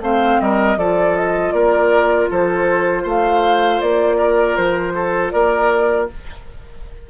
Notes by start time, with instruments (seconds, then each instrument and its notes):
0.00 bassoon A3, clarinet C4, oboe C5, flute F5
0.40 bassoon G3, oboe A#4, flute D#5
0.76 bassoon F3, clarinet F4, oboe A4, flute D5
1.16 flute D#5
1.52 bassoon A#3, oboe A#4, flute D5
2.30 bassoon F3, oboe A4, flute C5
3.03 bassoon A3, oboe C5, flute F5
3.81 bassoon A#3, flute D5
4.17 oboe A#4
4.56 bassoon F3, flute C5
4.94 oboe A4
5.31 bassoon A#3, oboe A#4, flute D5